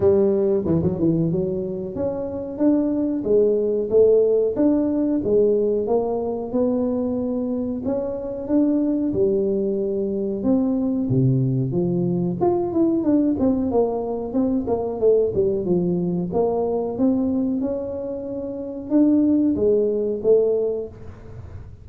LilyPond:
\new Staff \with { instrumentName = "tuba" } { \time 4/4 \tempo 4 = 92 g4 e16 fis16 e8 fis4 cis'4 | d'4 gis4 a4 d'4 | gis4 ais4 b2 | cis'4 d'4 g2 |
c'4 c4 f4 f'8 e'8 | d'8 c'8 ais4 c'8 ais8 a8 g8 | f4 ais4 c'4 cis'4~ | cis'4 d'4 gis4 a4 | }